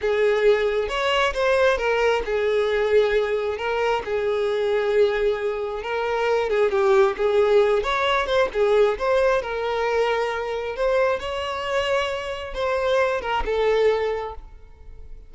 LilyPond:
\new Staff \with { instrumentName = "violin" } { \time 4/4 \tempo 4 = 134 gis'2 cis''4 c''4 | ais'4 gis'2. | ais'4 gis'2.~ | gis'4 ais'4. gis'8 g'4 |
gis'4. cis''4 c''8 gis'4 | c''4 ais'2. | c''4 cis''2. | c''4. ais'8 a'2 | }